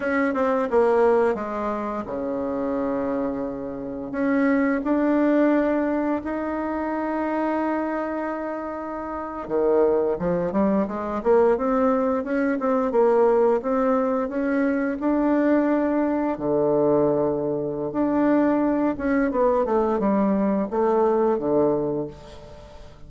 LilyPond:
\new Staff \with { instrumentName = "bassoon" } { \time 4/4 \tempo 4 = 87 cis'8 c'8 ais4 gis4 cis4~ | cis2 cis'4 d'4~ | d'4 dis'2.~ | dis'4.~ dis'16 dis4 f8 g8 gis16~ |
gis16 ais8 c'4 cis'8 c'8 ais4 c'16~ | c'8. cis'4 d'2 d16~ | d2 d'4. cis'8 | b8 a8 g4 a4 d4 | }